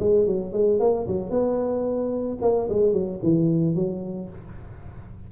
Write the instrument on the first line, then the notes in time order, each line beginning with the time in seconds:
tuba
0.00 G#3
0.27 F#3
0.53 G#3
0.80 A#3
1.08 F#3
1.30 B3
2.42 A#3
2.70 G#3
2.93 F#3
3.23 E3
3.76 F#3